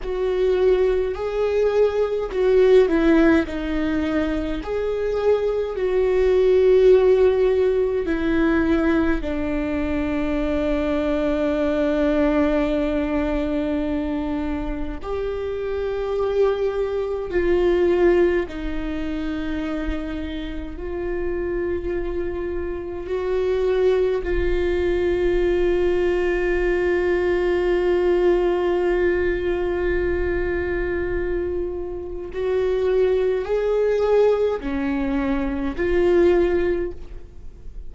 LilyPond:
\new Staff \with { instrumentName = "viola" } { \time 4/4 \tempo 4 = 52 fis'4 gis'4 fis'8 e'8 dis'4 | gis'4 fis'2 e'4 | d'1~ | d'4 g'2 f'4 |
dis'2 f'2 | fis'4 f'2.~ | f'1 | fis'4 gis'4 cis'4 f'4 | }